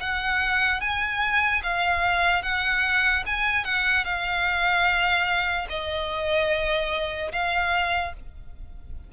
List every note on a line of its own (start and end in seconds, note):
0.00 0.80 F#5
0.80 1.61 G#5
1.63 2.43 F5
2.43 3.24 F#5
3.26 3.64 G#5
3.64 4.05 F#5
4.05 5.67 F5
5.69 7.32 D#5
7.32 8.13 F5